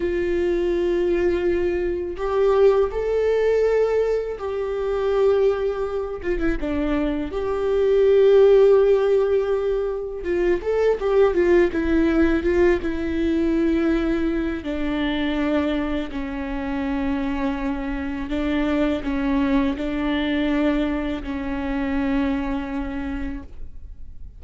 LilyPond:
\new Staff \with { instrumentName = "viola" } { \time 4/4 \tempo 4 = 82 f'2. g'4 | a'2 g'2~ | g'8 f'16 e'16 d'4 g'2~ | g'2 f'8 a'8 g'8 f'8 |
e'4 f'8 e'2~ e'8 | d'2 cis'2~ | cis'4 d'4 cis'4 d'4~ | d'4 cis'2. | }